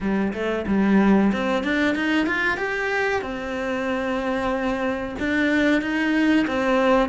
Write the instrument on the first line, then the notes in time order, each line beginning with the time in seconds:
cello
0.00 G3
0.33 A3
0.67 G3
1.32 C4
1.63 D4
1.95 D#4
2.26 F4
2.57 G4
3.21 C4
5.19 D4
5.81 D#4
6.47 C4